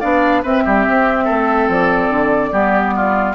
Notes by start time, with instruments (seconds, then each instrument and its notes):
0.00 bassoon B3, clarinet D4, oboe D5, flute F5
0.43 bassoon C4, clarinet C4, oboe B4, flute E5
0.65 bassoon G3, oboe G4
0.88 bassoon C4
1.24 bassoon A3, oboe A4
1.68 bassoon F3, flute D5
2.09 bassoon D3
2.52 bassoon G3, clarinet B3, oboe G4
2.96 oboe F4